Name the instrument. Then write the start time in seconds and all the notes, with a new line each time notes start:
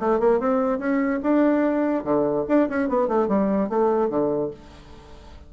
bassoon
0.00 A3
0.20 A#3
0.40 C4
0.79 C#4
1.23 D4
2.04 D3
2.48 D4
2.69 C#4
2.89 B3
3.08 A3
3.28 G3
3.69 A3
4.10 D3